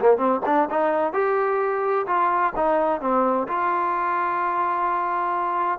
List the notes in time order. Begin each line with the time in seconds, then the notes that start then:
0.00 A#3
0.18 C4
0.46 D4
0.70 D#4
1.13 G4
2.07 F4
2.56 D#4
3.01 C4
3.48 F4